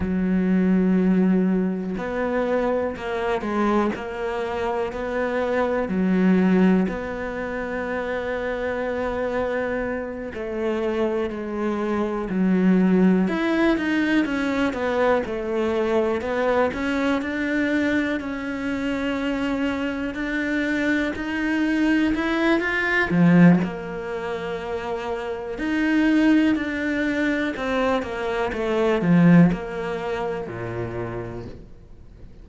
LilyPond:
\new Staff \with { instrumentName = "cello" } { \time 4/4 \tempo 4 = 61 fis2 b4 ais8 gis8 | ais4 b4 fis4 b4~ | b2~ b8 a4 gis8~ | gis8 fis4 e'8 dis'8 cis'8 b8 a8~ |
a8 b8 cis'8 d'4 cis'4.~ | cis'8 d'4 dis'4 e'8 f'8 f8 | ais2 dis'4 d'4 | c'8 ais8 a8 f8 ais4 ais,4 | }